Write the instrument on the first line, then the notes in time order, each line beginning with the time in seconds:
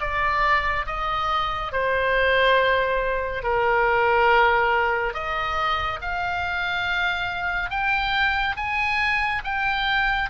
oboe
0.00 D5
0.86 D#5
1.72 C5
3.43 A#4
5.14 D#5
6.01 F5
7.70 G5
8.57 G#5
9.44 G5